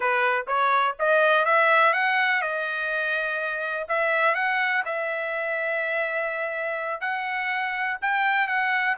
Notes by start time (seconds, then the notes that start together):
0.00 B4
0.47 C#5
0.99 D#5
1.45 E5
1.93 F#5
2.41 D#5
3.88 E5
4.34 F#5
4.85 E5
7.01 F#5
8.01 G5
8.47 F#5